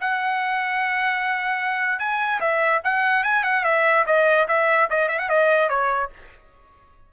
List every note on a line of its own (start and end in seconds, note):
0.00 1.99 F#5
1.99 2.40 G#5
2.40 2.81 E5
2.84 3.23 F#5
3.23 3.43 G#5
3.43 3.63 F#5
3.64 4.04 E5
4.06 4.47 D#5
4.48 4.88 E5
4.90 5.08 D#5
5.08 5.18 E5
5.19 5.29 F#5
5.29 5.69 D#5
5.69 6.10 C#5